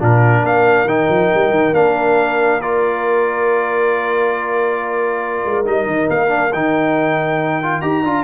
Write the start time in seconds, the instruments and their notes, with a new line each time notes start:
0.00 tuba A#2, trombone D4, horn F4, trumpet A#4
0.44 tuba A#3, horn A#4, trumpet F5
0.85 tuba D#3, trombone D#4, trumpet G5
1.09 tuba F3
1.34 tuba G3
1.51 tuba D#3
1.73 tuba A#3, trombone D4, trumpet F5
2.62 trombone F4, trumpet D5
5.46 tuba G#3
5.65 tuba G3, trombone D#4, trumpet D#5
5.87 tuba D#3
6.10 tuba A#3, trumpet F5
6.28 trombone D4
6.53 tuba D#3, trombone D#4, trumpet G5
7.63 trombone F4
7.82 tuba D#4, trombone G4, trumpet A#5
8.04 tuba D4, trombone F4